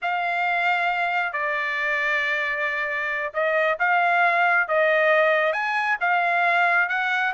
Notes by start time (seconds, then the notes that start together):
0.01 F5
1.32 D5
3.33 D#5
3.79 F5
4.67 D#5
5.52 G#5
6.00 F5
6.88 F#5